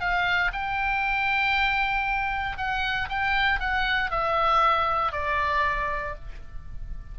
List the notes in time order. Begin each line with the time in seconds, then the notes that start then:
0.00 F5
0.52 G5
2.57 F#5
3.09 G5
3.59 F#5
4.10 E5
5.12 D5